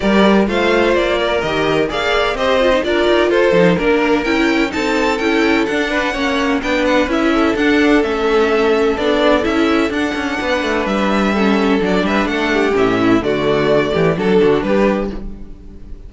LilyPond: <<
  \new Staff \with { instrumentName = "violin" } { \time 4/4 \tempo 4 = 127 d''4 f''4 d''4 dis''4 | f''4 dis''4 d''4 c''4 | ais'4 g''4 a''4 g''4 | fis''2 g''8 fis''8 e''4 |
fis''4 e''2 d''4 | e''4 fis''2 e''4~ | e''4 d''8 e''8 fis''4 e''4 | d''2 a'4 b'4 | }
  \new Staff \with { instrumentName = "violin" } { \time 4/4 ais'4 c''4. ais'4. | d''4 c''4 ais'4 a'4 | ais'2 a'2~ | a'8 b'8 cis''4 b'4. a'8~ |
a'1~ | a'2 b'2 | a'4. b'8 a'8 g'4 e'8 | fis'4. g'8 a'8 fis'8 g'4 | }
  \new Staff \with { instrumentName = "viola" } { \time 4/4 g'4 f'2 g'4 | gis'4 g'8 f'16 dis'16 f'4. dis'8 | d'4 e'4 dis'4 e'4 | d'4 cis'4 d'4 e'4 |
d'4 cis'2 d'4 | e'4 d'2. | cis'4 d'2 cis'4 | a2 d'2 | }
  \new Staff \with { instrumentName = "cello" } { \time 4/4 g4 a4 ais4 dis4 | ais4 c'4 d'8 dis'8 f'8 f8 | ais4 cis'4 c'4 cis'4 | d'4 ais4 b4 cis'4 |
d'4 a2 b4 | cis'4 d'8 cis'8 b8 a8 g4~ | g4 fis8 g8 a4 a,4 | d4. e8 fis8 d8 g4 | }
>>